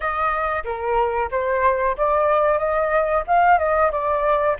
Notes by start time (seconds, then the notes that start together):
0.00 D#5
0.64 A#4
1.31 C5
1.97 D5
2.58 D#5
3.27 F5
3.58 D#5
3.91 D5